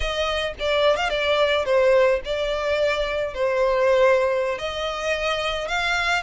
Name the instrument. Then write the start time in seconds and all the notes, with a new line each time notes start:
violin
0.00 D#5
0.59 D5
0.96 F5
1.09 D5
1.65 C5
2.24 D5
3.34 C5
4.58 D#5
5.68 F5